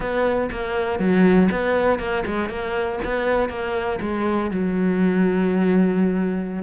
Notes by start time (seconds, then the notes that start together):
0.00 B3
0.51 A#3
0.99 F#3
1.51 B3
1.99 A#3
2.25 G#3
2.49 A#3
3.04 B3
3.49 A#3
4.01 G#3
4.50 F#3